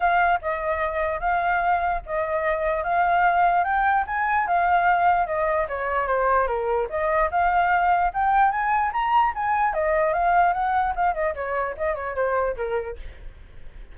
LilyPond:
\new Staff \with { instrumentName = "flute" } { \time 4/4 \tempo 4 = 148 f''4 dis''2 f''4~ | f''4 dis''2 f''4~ | f''4 g''4 gis''4 f''4~ | f''4 dis''4 cis''4 c''4 |
ais'4 dis''4 f''2 | g''4 gis''4 ais''4 gis''4 | dis''4 f''4 fis''4 f''8 dis''8 | cis''4 dis''8 cis''8 c''4 ais'4 | }